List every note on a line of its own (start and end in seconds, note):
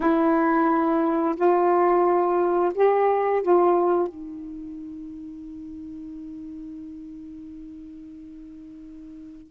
0.00 1.35 E4
1.36 2.72 F4
2.74 3.42 G4
3.42 4.08 F4
4.08 9.51 D#4